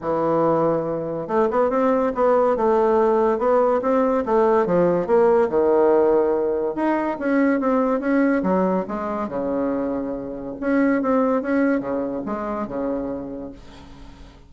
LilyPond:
\new Staff \with { instrumentName = "bassoon" } { \time 4/4 \tempo 4 = 142 e2. a8 b8 | c'4 b4 a2 | b4 c'4 a4 f4 | ais4 dis2. |
dis'4 cis'4 c'4 cis'4 | fis4 gis4 cis2~ | cis4 cis'4 c'4 cis'4 | cis4 gis4 cis2 | }